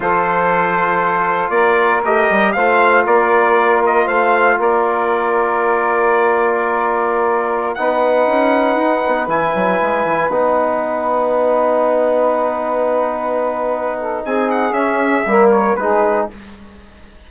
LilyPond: <<
  \new Staff \with { instrumentName = "trumpet" } { \time 4/4 \tempo 4 = 118 c''2. d''4 | dis''4 f''4 d''4. dis''8 | f''4 d''2.~ | d''2.~ d''16 fis''8.~ |
fis''2~ fis''16 gis''4.~ gis''16~ | gis''16 fis''2.~ fis''8.~ | fis''1 | gis''8 fis''8 e''4. cis''8 b'4 | }
  \new Staff \with { instrumentName = "saxophone" } { \time 4/4 a'2. ais'4~ | ais'4 c''4 ais'2 | c''4 ais'2.~ | ais'2.~ ais'16 b'8.~ |
b'1~ | b'1~ | b'2.~ b'8 a'8 | gis'2 ais'4 gis'4 | }
  \new Staff \with { instrumentName = "trombone" } { \time 4/4 f'1 | g'4 f'2.~ | f'1~ | f'2.~ f'16 dis'8.~ |
dis'2~ dis'16 e'4.~ e'16~ | e'16 dis'2.~ dis'8.~ | dis'1~ | dis'4 cis'4 ais4 dis'4 | }
  \new Staff \with { instrumentName = "bassoon" } { \time 4/4 f2. ais4 | a8 g8 a4 ais2 | a4 ais2.~ | ais2.~ ais16 b8.~ |
b16 cis'4 dis'8 b8 e8 fis8 gis8 e16~ | e16 b2.~ b8.~ | b1 | c'4 cis'4 g4 gis4 | }
>>